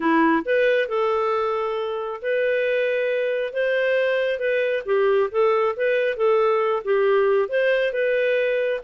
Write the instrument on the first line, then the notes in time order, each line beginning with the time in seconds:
clarinet
0.00 E4
0.45 B4
0.88 A4
2.22 B4
3.53 C5
4.39 B4
4.85 G4
5.31 A4
5.76 B4
6.16 A4
6.84 G4
7.48 C5
7.92 B4